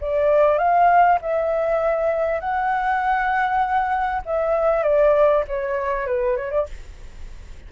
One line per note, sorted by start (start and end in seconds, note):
0.00 0.58 D5
0.58 1.18 F5
1.21 2.40 E5
2.40 4.21 F#5
4.25 4.83 E5
4.83 5.43 D5
5.47 6.06 C#5
6.06 6.36 B4
6.36 6.51 C#5
6.51 6.66 D5